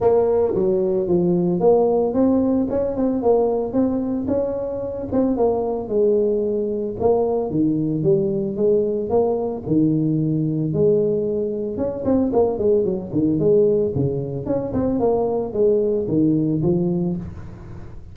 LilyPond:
\new Staff \with { instrumentName = "tuba" } { \time 4/4 \tempo 4 = 112 ais4 fis4 f4 ais4 | c'4 cis'8 c'8 ais4 c'4 | cis'4. c'8 ais4 gis4~ | gis4 ais4 dis4 g4 |
gis4 ais4 dis2 | gis2 cis'8 c'8 ais8 gis8 | fis8 dis8 gis4 cis4 cis'8 c'8 | ais4 gis4 dis4 f4 | }